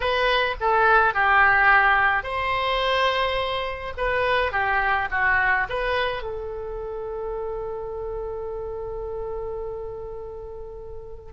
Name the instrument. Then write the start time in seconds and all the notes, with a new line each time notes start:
oboe
0.00 B4
0.60 A4
1.13 G4
2.23 C5
3.97 B4
4.51 G4
5.10 F#4
5.69 B4
6.23 A4